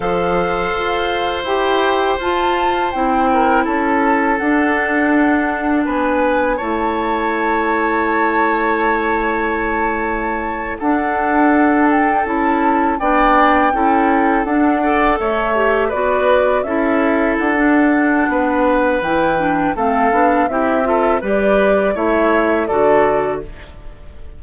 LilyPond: <<
  \new Staff \with { instrumentName = "flute" } { \time 4/4 \tempo 4 = 82 f''2 g''4 a''4 | g''4 a''4 fis''2 | gis''4 a''2.~ | a''2~ a''8. fis''4~ fis''16~ |
fis''16 g''8 a''4 g''2 fis''16~ | fis''8. e''4 d''4 e''4 fis''16~ | fis''2 g''4 f''4 | e''4 d''4 e''4 d''4 | }
  \new Staff \with { instrumentName = "oboe" } { \time 4/4 c''1~ | c''8 ais'8 a'2. | b'4 cis''2.~ | cis''2~ cis''8. a'4~ a'16~ |
a'4.~ a'16 d''4 a'4~ a'16~ | a'16 d''8 cis''4 b'4 a'4~ a'16~ | a'4 b'2 a'4 | g'8 a'8 b'4 cis''4 a'4 | }
  \new Staff \with { instrumentName = "clarinet" } { \time 4/4 a'2 g'4 f'4 | e'2 d'2~ | d'4 e'2.~ | e'2~ e'8. d'4~ d'16~ |
d'8. e'4 d'4 e'4 d'16~ | d'16 a'4 g'8 fis'4 e'4~ e'16 | d'2 e'8 d'8 c'8 d'8 | e'8 f'8 g'4 e'4 fis'4 | }
  \new Staff \with { instrumentName = "bassoon" } { \time 4/4 f4 f'4 e'4 f'4 | c'4 cis'4 d'2 | b4 a2.~ | a2~ a8. d'4~ d'16~ |
d'8. cis'4 b4 cis'4 d'16~ | d'8. a4 b4 cis'4 d'16~ | d'4 b4 e4 a8 b8 | c'4 g4 a4 d4 | }
>>